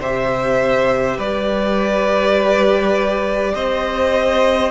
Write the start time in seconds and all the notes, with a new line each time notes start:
0.00 C3 G4 C5 E5
1.18 G3 B4 D5
3.54 C4 C5 D#5